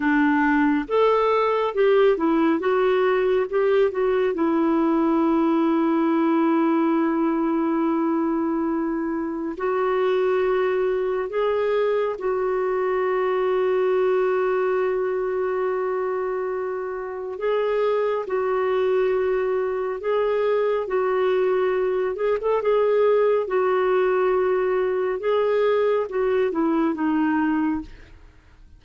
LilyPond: \new Staff \with { instrumentName = "clarinet" } { \time 4/4 \tempo 4 = 69 d'4 a'4 g'8 e'8 fis'4 | g'8 fis'8 e'2.~ | e'2. fis'4~ | fis'4 gis'4 fis'2~ |
fis'1 | gis'4 fis'2 gis'4 | fis'4. gis'16 a'16 gis'4 fis'4~ | fis'4 gis'4 fis'8 e'8 dis'4 | }